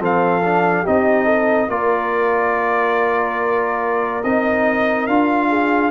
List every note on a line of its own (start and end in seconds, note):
0.00 0.85 F3
0.00 0.42 C4
0.00 0.83 A4
0.00 0.87 F5
0.45 0.85 D4
0.83 1.69 C4
0.83 1.70 D#4
0.83 1.25 G4
0.83 1.70 D#5
1.25 1.67 A4
1.69 4.22 A#3
1.69 4.23 F4
1.69 5.49 A#4
1.69 4.24 D5
4.24 5.08 C4
4.24 5.09 D#4
4.24 5.07 D#5
5.07 5.92 D4
5.07 5.92 F4
5.07 5.91 F5
5.49 5.92 G#4